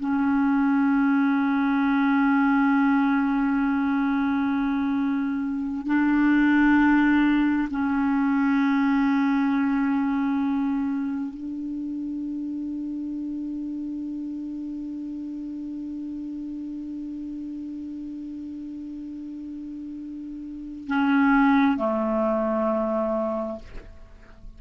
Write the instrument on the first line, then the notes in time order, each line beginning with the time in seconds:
clarinet
0.00 C#4
5.87 D4
7.71 C#4
11.35 D4
20.88 C#4
21.78 A3